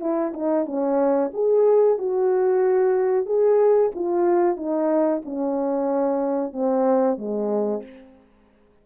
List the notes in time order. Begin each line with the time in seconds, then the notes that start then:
0.00 E4
0.33 D#4
0.66 C#4
1.33 G#4
1.98 F#4
3.26 G#4
3.95 F4
4.57 D#4
5.25 C#4
6.53 C4
7.18 G#3